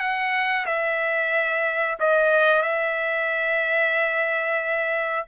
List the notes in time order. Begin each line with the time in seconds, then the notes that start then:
0.00 F#5
0.66 E5
2.00 D#5
2.63 E5